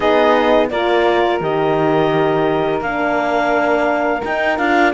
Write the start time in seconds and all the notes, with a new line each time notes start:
0.00 B3 D#4 G#4 D#5
0.70 A#3 F4 A#4 D5
1.40 D#3 G4 D#5
2.80 A#3 D4 F5
4.23 D#4 G5
4.57 D4 F4 F5